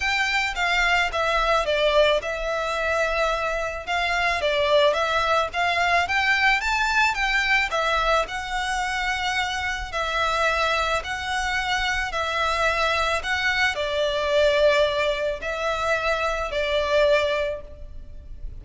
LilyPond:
\new Staff \with { instrumentName = "violin" } { \time 4/4 \tempo 4 = 109 g''4 f''4 e''4 d''4 | e''2. f''4 | d''4 e''4 f''4 g''4 | a''4 g''4 e''4 fis''4~ |
fis''2 e''2 | fis''2 e''2 | fis''4 d''2. | e''2 d''2 | }